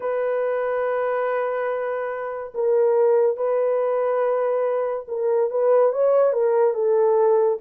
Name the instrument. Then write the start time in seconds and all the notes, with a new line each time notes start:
horn
0.00 B4
2.54 A#4
3.36 B4
5.08 A#4
5.50 B4
5.92 C#5
6.32 A#4
6.73 A4